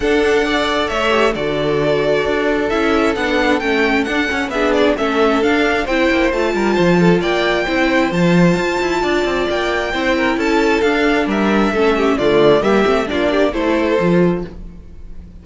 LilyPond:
<<
  \new Staff \with { instrumentName = "violin" } { \time 4/4 \tempo 4 = 133 fis''2 e''4 d''4~ | d''2 e''4 fis''4 | g''4 fis''4 e''8 d''8 e''4 | f''4 g''4 a''2 |
g''2 a''2~ | a''4 g''2 a''4 | f''4 e''2 d''4 | e''4 d''4 c''2 | }
  \new Staff \with { instrumentName = "violin" } { \time 4/4 a'4 d''4 cis''4 a'4~ | a'1~ | a'2 gis'4 a'4~ | a'4 c''4. ais'8 c''8 a'8 |
d''4 c''2. | d''2 c''8 ais'8 a'4~ | a'4 ais'4 a'8 g'8 f'4 | g'4 f'8 g'8 a'2 | }
  \new Staff \with { instrumentName = "viola" } { \time 4/4 d'4 a'4. g'8 fis'4~ | fis'2 e'4 d'4 | cis'4 d'8 cis'8 d'4 cis'4 | d'4 e'4 f'2~ |
f'4 e'4 f'2~ | f'2 e'2 | d'2 cis'4 a4 | ais8 c'8 d'4 e'4 f'4 | }
  \new Staff \with { instrumentName = "cello" } { \time 4/4 d'2 a4 d4~ | d4 d'4 cis'4 b4 | a4 d'8 cis'8 b4 a4 | d'4 c'8 ais8 a8 g8 f4 |
ais4 c'4 f4 f'8 e'8 | d'8 c'8 ais4 c'4 cis'4 | d'4 g4 a4 d4 | g8 a8 ais4 a4 f4 | }
>>